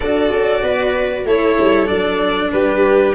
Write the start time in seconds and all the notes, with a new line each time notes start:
0.00 D4 F#4 A4 D5
0.31 C#4
0.62 B3 B4
1.24 A3 E4 A4 C#5
1.59 G3
1.86 F#3 D4 D5
2.52 G3 G4 B4